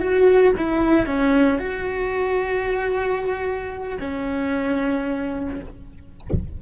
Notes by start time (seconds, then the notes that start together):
0.00 F#4
0.57 E4
1.06 C#4
1.59 F#4
4.00 C#4